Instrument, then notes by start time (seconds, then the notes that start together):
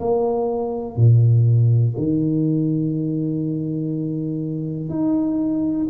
tuba
0.00 A#3
0.96 A#2
1.97 D#3
4.89 D#4